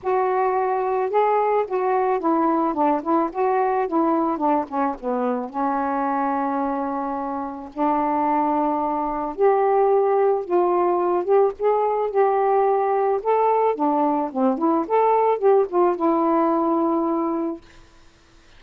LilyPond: \new Staff \with { instrumentName = "saxophone" } { \time 4/4 \tempo 4 = 109 fis'2 gis'4 fis'4 | e'4 d'8 e'8 fis'4 e'4 | d'8 cis'8 b4 cis'2~ | cis'2 d'2~ |
d'4 g'2 f'4~ | f'8 g'8 gis'4 g'2 | a'4 d'4 c'8 e'8 a'4 | g'8 f'8 e'2. | }